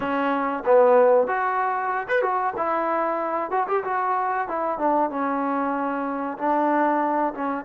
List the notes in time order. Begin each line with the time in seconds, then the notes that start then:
0.00 C#4
0.65 B3
1.27 F#4
2.08 B4
2.21 F#4
2.56 E4
3.50 F#4
3.67 G4
3.84 F#4
4.47 E4
4.78 D4
5.10 C#4
6.37 D4
7.33 C#4